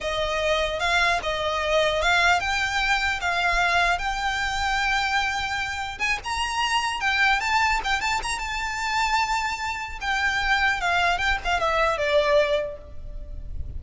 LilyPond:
\new Staff \with { instrumentName = "violin" } { \time 4/4 \tempo 4 = 150 dis''2 f''4 dis''4~ | dis''4 f''4 g''2 | f''2 g''2~ | g''2. gis''8 ais''8~ |
ais''4. g''4 a''4 g''8 | a''8 ais''8 a''2.~ | a''4 g''2 f''4 | g''8 f''8 e''4 d''2 | }